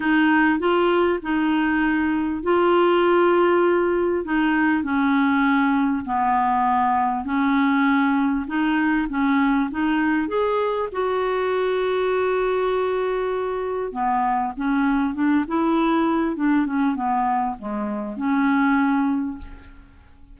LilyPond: \new Staff \with { instrumentName = "clarinet" } { \time 4/4 \tempo 4 = 99 dis'4 f'4 dis'2 | f'2. dis'4 | cis'2 b2 | cis'2 dis'4 cis'4 |
dis'4 gis'4 fis'2~ | fis'2. b4 | cis'4 d'8 e'4. d'8 cis'8 | b4 gis4 cis'2 | }